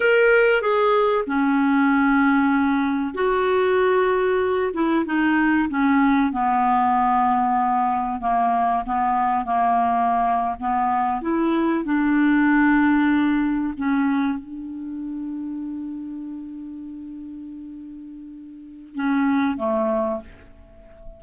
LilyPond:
\new Staff \with { instrumentName = "clarinet" } { \time 4/4 \tempo 4 = 95 ais'4 gis'4 cis'2~ | cis'4 fis'2~ fis'8 e'8 | dis'4 cis'4 b2~ | b4 ais4 b4 ais4~ |
ais8. b4 e'4 d'4~ d'16~ | d'4.~ d'16 cis'4 d'4~ d'16~ | d'1~ | d'2 cis'4 a4 | }